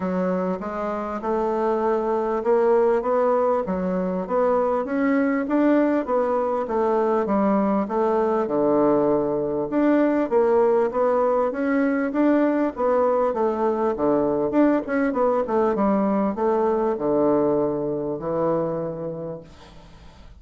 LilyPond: \new Staff \with { instrumentName = "bassoon" } { \time 4/4 \tempo 4 = 99 fis4 gis4 a2 | ais4 b4 fis4 b4 | cis'4 d'4 b4 a4 | g4 a4 d2 |
d'4 ais4 b4 cis'4 | d'4 b4 a4 d4 | d'8 cis'8 b8 a8 g4 a4 | d2 e2 | }